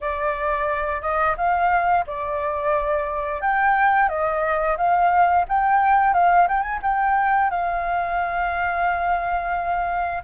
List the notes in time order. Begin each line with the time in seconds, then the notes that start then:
0.01 D5
1.01 D#5
1.37 F5
2.06 D5
3.41 G5
4.08 D#5
4.77 F5
5.48 G5
6.13 F5
6.48 G5
6.62 G#5
6.82 G5
7.50 F5